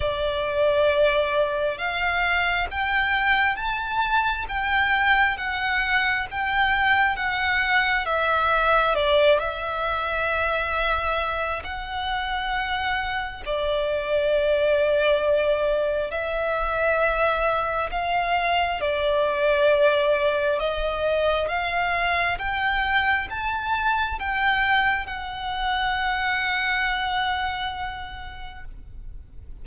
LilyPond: \new Staff \with { instrumentName = "violin" } { \time 4/4 \tempo 4 = 67 d''2 f''4 g''4 | a''4 g''4 fis''4 g''4 | fis''4 e''4 d''8 e''4.~ | e''4 fis''2 d''4~ |
d''2 e''2 | f''4 d''2 dis''4 | f''4 g''4 a''4 g''4 | fis''1 | }